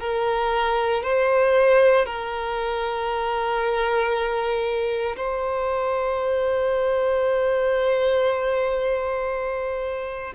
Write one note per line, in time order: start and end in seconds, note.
0.00 1.03 A#4
1.03 2.06 C5
2.06 5.16 A#4
5.16 10.34 C5